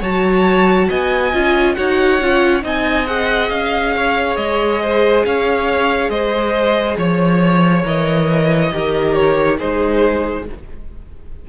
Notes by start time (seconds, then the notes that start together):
0.00 F#3 F#4 C#5 A5
0.89 B3 D#5 G#5
1.33 C#4 F4
1.74 D#4 F#4 C#5 F#5
2.20 C#4 F4
2.62 C4 D#4 D#5 G#5
3.06 G#4 F#5
3.49 C#4 F5
3.96 C#5
4.36 G#3 D#5
4.82 C5
5.25 C#4 C#5 F5
6.09 G#3 C5 D#5
6.97 F3 C#5
7.83 E3 A#4 D#5
8.71 D#3 G4 A#4
9.13 C#5
9.58 G#3 D#4 G#4 C5